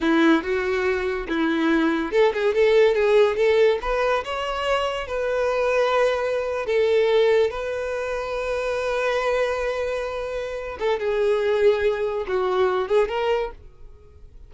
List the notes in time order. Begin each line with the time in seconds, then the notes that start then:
0.01 E4
0.42 F#4
1.28 E4
2.11 A4
2.33 G#4
2.54 A4
2.94 G#4
3.36 A4
3.81 B4
4.24 C#5
5.07 B4
6.65 A4
7.50 B4
10.79 A4
10.99 G#4
12.27 F#4
12.87 G#4
13.08 A#4